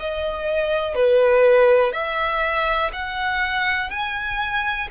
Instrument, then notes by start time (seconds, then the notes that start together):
violin
0.00 D#5
0.95 B4
1.93 E5
2.93 F#5
3.90 G#5